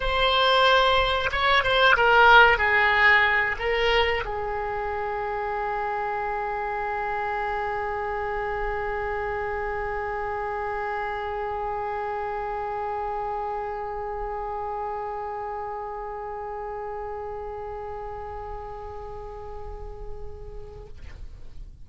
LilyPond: \new Staff \with { instrumentName = "oboe" } { \time 4/4 \tempo 4 = 92 c''2 cis''8 c''8 ais'4 | gis'4. ais'4 gis'4.~ | gis'1~ | gis'1~ |
gis'1~ | gis'1~ | gis'1~ | gis'1 | }